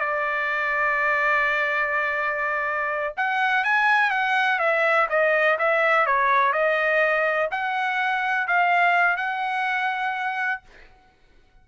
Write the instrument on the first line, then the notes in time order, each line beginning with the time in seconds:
trumpet
0.00 D5
3.17 F#5
3.64 G#5
4.11 F#5
4.59 E5
5.10 D#5
5.59 E5
6.07 C#5
6.53 D#5
7.51 F#5
8.48 F5
9.17 F#5